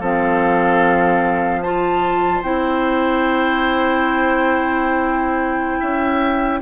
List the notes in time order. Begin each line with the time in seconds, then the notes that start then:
0.00 F3 C4 A4 F5
1.62 F4 C5 A5
2.43 C4 E4 G5
5.80 C#4 E5